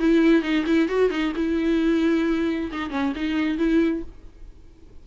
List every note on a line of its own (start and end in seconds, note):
0.00 0.43 E4
0.43 0.65 D#4
0.67 0.89 E4
0.89 1.11 F#4
1.11 1.33 D#4
1.36 2.71 E4
2.72 2.91 D#4
2.91 3.13 C#4
3.16 3.58 D#4
3.58 4.03 E4